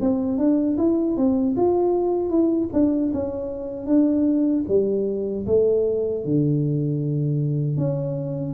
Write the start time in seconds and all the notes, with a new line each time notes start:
0.00 C4
0.38 D4
0.77 E4
1.17 C4
1.56 F4
2.29 E4
2.73 D4
3.13 C#4
3.86 D4
4.68 G3
5.46 A3
6.24 D3
7.77 C#4